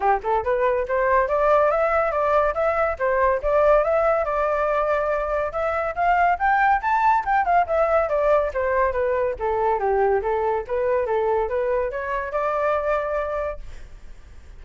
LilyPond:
\new Staff \with { instrumentName = "flute" } { \time 4/4 \tempo 4 = 141 g'8 a'8 b'4 c''4 d''4 | e''4 d''4 e''4 c''4 | d''4 e''4 d''2~ | d''4 e''4 f''4 g''4 |
a''4 g''8 f''8 e''4 d''4 | c''4 b'4 a'4 g'4 | a'4 b'4 a'4 b'4 | cis''4 d''2. | }